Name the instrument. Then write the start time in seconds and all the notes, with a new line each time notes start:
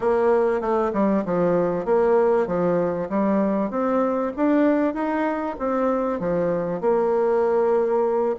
bassoon
0.00 A#3
0.60 A3
0.93 G3
1.25 F3
1.85 A#3
2.46 F3
3.09 G3
3.70 C4
4.36 D4
4.93 D#4
5.58 C4
6.19 F3
6.80 A#3